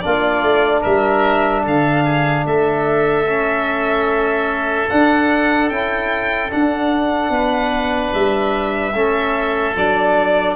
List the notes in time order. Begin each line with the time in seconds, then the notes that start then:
0.00 A#3 D4 F4 D5
0.43 A3
0.81 G3 A#4 E5
1.64 D3 A4 F5
2.05 G#4
2.46 A3 A4 E5
3.27 C#4
4.90 D4 F#5
5.70 C#4 E4 G5
6.50 D4 F#5
7.30 B3 B4
8.14 G3 E5
8.94 A3 C#4 A4
9.76 F#3 D4 D5